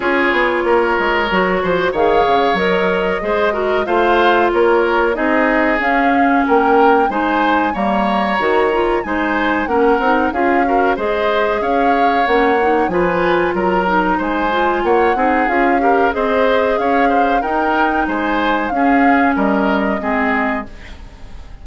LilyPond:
<<
  \new Staff \with { instrumentName = "flute" } { \time 4/4 \tempo 4 = 93 cis''2. f''4 | dis''2 f''4 cis''4 | dis''4 f''4 g''4 gis''4 | ais''2 gis''4 fis''4 |
f''4 dis''4 f''4 fis''4 | gis''4 ais''4 gis''4 fis''4 | f''4 dis''4 f''4 g''4 | gis''4 f''4 dis''2 | }
  \new Staff \with { instrumentName = "oboe" } { \time 4/4 gis'4 ais'4. c''8 cis''4~ | cis''4 c''8 ais'8 c''4 ais'4 | gis'2 ais'4 c''4 | cis''2 c''4 ais'4 |
gis'8 ais'8 c''4 cis''2 | b'4 ais'4 c''4 cis''8 gis'8~ | gis'8 ais'8 c''4 cis''8 c''8 ais'4 | c''4 gis'4 ais'4 gis'4 | }
  \new Staff \with { instrumentName = "clarinet" } { \time 4/4 f'2 fis'4 gis'4 | ais'4 gis'8 fis'8 f'2 | dis'4 cis'2 dis'4 | ais4 fis'8 f'8 dis'4 cis'8 dis'8 |
f'8 fis'8 gis'2 cis'8 dis'8 | f'4. dis'4 f'4 dis'8 | f'8 g'8 gis'2 dis'4~ | dis'4 cis'2 c'4 | }
  \new Staff \with { instrumentName = "bassoon" } { \time 4/4 cis'8 b8 ais8 gis8 fis8 f8 dis8 cis8 | fis4 gis4 a4 ais4 | c'4 cis'4 ais4 gis4 | g4 dis4 gis4 ais8 c'8 |
cis'4 gis4 cis'4 ais4 | f4 fis4 gis4 ais8 c'8 | cis'4 c'4 cis'4 dis'4 | gis4 cis'4 g4 gis4 | }
>>